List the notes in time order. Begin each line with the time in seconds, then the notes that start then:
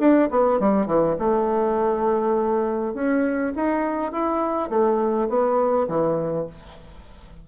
0.00 D4
0.31 B3
0.60 G3
0.87 E3
1.19 A3
2.94 C#4
3.56 D#4
4.12 E4
4.70 A3
5.29 B3
5.88 E3